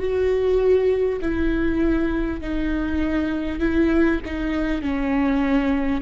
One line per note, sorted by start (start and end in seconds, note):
0.00 1.20 F#4
1.22 2.41 E4
2.41 3.60 D#4
3.60 4.20 E4
4.25 4.82 D#4
4.82 6.02 C#4